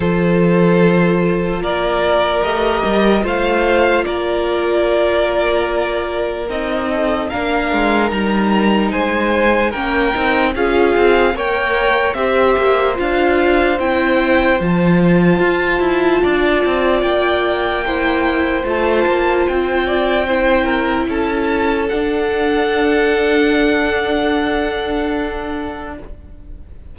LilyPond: <<
  \new Staff \with { instrumentName = "violin" } { \time 4/4 \tempo 4 = 74 c''2 d''4 dis''4 | f''4 d''2. | dis''4 f''4 ais''4 gis''4 | g''4 f''4 g''4 e''4 |
f''4 g''4 a''2~ | a''4 g''2 a''4 | g''2 a''4 fis''4~ | fis''1 | }
  \new Staff \with { instrumentName = "violin" } { \time 4/4 a'2 ais'2 | c''4 ais'2.~ | ais'8 a'8 ais'2 c''4 | ais'4 gis'4 cis''4 c''4~ |
c''1 | d''2 c''2~ | c''8 d''8 c''8 ais'8 a'2~ | a'1 | }
  \new Staff \with { instrumentName = "viola" } { \time 4/4 f'2. g'4 | f'1 | dis'4 d'4 dis'2 | cis'8 dis'8 f'4 ais'4 g'4 |
f'4 e'4 f'2~ | f'2 e'4 f'4~ | f'4 e'2 d'4~ | d'1 | }
  \new Staff \with { instrumentName = "cello" } { \time 4/4 f2 ais4 a8 g8 | a4 ais2. | c'4 ais8 gis8 g4 gis4 | ais8 c'8 cis'8 c'8 ais4 c'8 ais8 |
d'4 c'4 f4 f'8 e'8 | d'8 c'8 ais2 a8 ais8 | c'2 cis'4 d'4~ | d'1 | }
>>